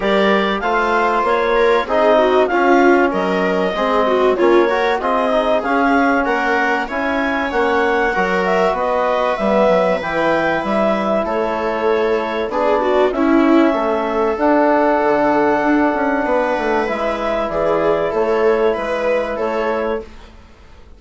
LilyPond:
<<
  \new Staff \with { instrumentName = "clarinet" } { \time 4/4 \tempo 4 = 96 d''4 f''4 cis''4 dis''4 | f''4 dis''2 cis''4 | dis''4 f''4 fis''4 gis''4 | fis''4. e''8 dis''4 e''4 |
g''4 e''4 cis''2 | d''4 e''2 fis''4~ | fis''2. e''4 | d''4 cis''4 b'4 cis''4 | }
  \new Staff \with { instrumentName = "viola" } { \time 4/4 ais'4 c''4. ais'8 gis'8 fis'8 | f'4 ais'4 gis'8 fis'8 f'8 ais'8 | gis'2 ais'4 cis''4~ | cis''4 ais'4 b'2~ |
b'2 a'2 | gis'8 fis'8 e'4 a'2~ | a'2 b'2 | gis'4 a'4 b'4 a'4 | }
  \new Staff \with { instrumentName = "trombone" } { \time 4/4 g'4 f'2 dis'4 | cis'2 c'4 cis'8 fis'8 | f'8 dis'8 cis'2 e'4 | cis'4 fis'2 b4 |
e'1 | d'4 cis'2 d'4~ | d'2. e'4~ | e'1 | }
  \new Staff \with { instrumentName = "bassoon" } { \time 4/4 g4 a4 ais4 c'4 | cis'4 fis4 gis4 ais4 | c'4 cis'4 ais4 cis'4 | ais4 fis4 b4 g8 fis8 |
e4 g4 a2 | b4 cis'4 a4 d'4 | d4 d'8 cis'8 b8 a8 gis4 | e4 a4 gis4 a4 | }
>>